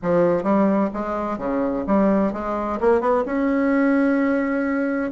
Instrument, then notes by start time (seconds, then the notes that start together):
bassoon
0.02 F3
0.43 G3
0.93 G#3
1.38 C#3
1.86 G3
2.33 G#3
2.80 A#3
3.00 B3
3.25 C#4